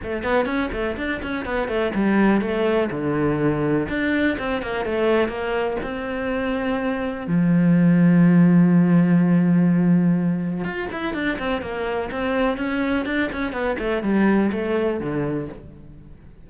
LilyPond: \new Staff \with { instrumentName = "cello" } { \time 4/4 \tempo 4 = 124 a8 b8 cis'8 a8 d'8 cis'8 b8 a8 | g4 a4 d2 | d'4 c'8 ais8 a4 ais4 | c'2. f4~ |
f1~ | f2 f'8 e'8 d'8 c'8 | ais4 c'4 cis'4 d'8 cis'8 | b8 a8 g4 a4 d4 | }